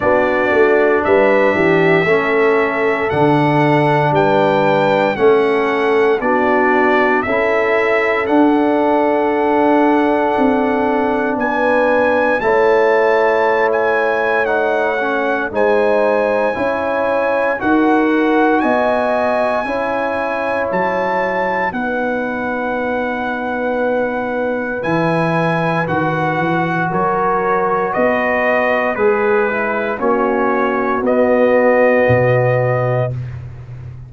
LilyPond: <<
  \new Staff \with { instrumentName = "trumpet" } { \time 4/4 \tempo 4 = 58 d''4 e''2 fis''4 | g''4 fis''4 d''4 e''4 | fis''2. gis''4 | a''4~ a''16 gis''8. fis''4 gis''4~ |
gis''4 fis''4 gis''2 | a''4 fis''2. | gis''4 fis''4 cis''4 dis''4 | b'4 cis''4 dis''2 | }
  \new Staff \with { instrumentName = "horn" } { \time 4/4 fis'4 b'8 g'8 a'2 | b'4 a'4 fis'4 a'4~ | a'2. b'4 | cis''2. c''4 |
cis''4 ais'4 dis''4 cis''4~ | cis''4 b'2.~ | b'2 ais'4 b'4 | gis'4 fis'2. | }
  \new Staff \with { instrumentName = "trombone" } { \time 4/4 d'2 cis'4 d'4~ | d'4 cis'4 d'4 e'4 | d'1 | e'2 dis'8 cis'8 dis'4 |
e'4 fis'2 e'4~ | e'4 dis'2. | e'4 fis'2. | gis'8 e'8 cis'4 b2 | }
  \new Staff \with { instrumentName = "tuba" } { \time 4/4 b8 a8 g8 e8 a4 d4 | g4 a4 b4 cis'4 | d'2 c'4 b4 | a2. gis4 |
cis'4 dis'4 b4 cis'4 | fis4 b2. | e4 dis8 e8 fis4 b4 | gis4 ais4 b4 b,4 | }
>>